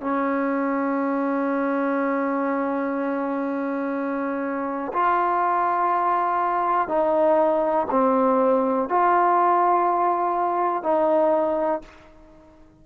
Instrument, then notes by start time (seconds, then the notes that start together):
trombone
0.00 C#4
4.93 F4
6.88 D#4
7.90 C4
8.88 F4
10.82 D#4